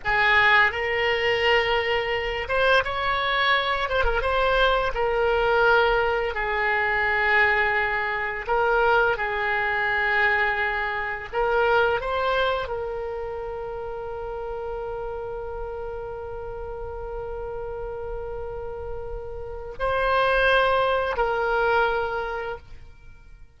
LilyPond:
\new Staff \with { instrumentName = "oboe" } { \time 4/4 \tempo 4 = 85 gis'4 ais'2~ ais'8 c''8 | cis''4. c''16 ais'16 c''4 ais'4~ | ais'4 gis'2. | ais'4 gis'2. |
ais'4 c''4 ais'2~ | ais'1~ | ais'1 | c''2 ais'2 | }